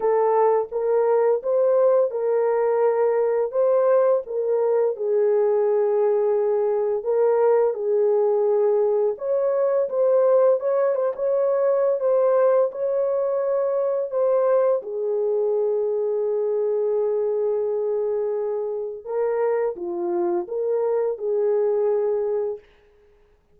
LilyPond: \new Staff \with { instrumentName = "horn" } { \time 4/4 \tempo 4 = 85 a'4 ais'4 c''4 ais'4~ | ais'4 c''4 ais'4 gis'4~ | gis'2 ais'4 gis'4~ | gis'4 cis''4 c''4 cis''8 c''16 cis''16~ |
cis''4 c''4 cis''2 | c''4 gis'2.~ | gis'2. ais'4 | f'4 ais'4 gis'2 | }